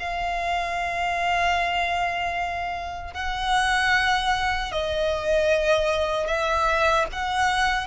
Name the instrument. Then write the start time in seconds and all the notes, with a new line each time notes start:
violin
0.00 F5
3.14 F#5
4.72 D#5
6.28 E5
7.13 F#5